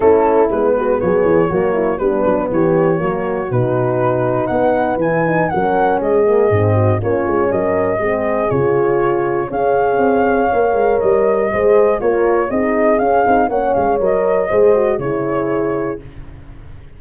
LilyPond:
<<
  \new Staff \with { instrumentName = "flute" } { \time 4/4 \tempo 4 = 120 a'4 b'4 cis''2 | b'4 cis''2 b'4~ | b'4 fis''4 gis''4 fis''4 | dis''2 cis''4 dis''4~ |
dis''4 cis''2 f''4~ | f''2 dis''2 | cis''4 dis''4 f''4 fis''8 f''8 | dis''2 cis''2 | }
  \new Staff \with { instrumentName = "horn" } { \time 4/4 e'4. fis'8 gis'4 fis'8 e'8 | d'4 g'4 fis'2~ | fis'4 b'2 ais'4 | gis'4. fis'8 f'4 ais'4 |
gis'2. cis''4~ | cis''2. c''4 | ais'4 gis'2 cis''4~ | cis''4 c''4 gis'2 | }
  \new Staff \with { instrumentName = "horn" } { \time 4/4 cis'4 b2 ais4 | b2 ais4 dis'4~ | dis'2 e'8 dis'8 cis'4~ | cis'8 ais8 c'4 cis'2 |
c'4 f'2 gis'4~ | gis'4 ais'2 gis'4 | f'4 dis'4 cis'8 dis'8 cis'4 | ais'4 gis'8 fis'8 e'2 | }
  \new Staff \with { instrumentName = "tuba" } { \time 4/4 a4 gis4 fis8 e8 fis4 | g8 fis8 e4 fis4 b,4~ | b,4 b4 e4 fis4 | gis4 gis,4 ais8 gis8 fis4 |
gis4 cis2 cis'4 | c'4 ais8 gis8 g4 gis4 | ais4 c'4 cis'8 c'8 ais8 gis8 | fis4 gis4 cis2 | }
>>